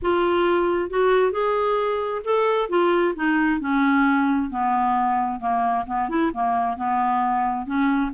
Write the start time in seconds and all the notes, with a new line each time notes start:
0.01 F4
0.89 F#4
1.31 G#4
2.24 A4
2.69 F4
3.15 D#4
3.60 C#4
4.50 B3
5.40 A#3
5.86 B3
6.09 E4
6.33 A#3
6.76 B3
7.65 C#4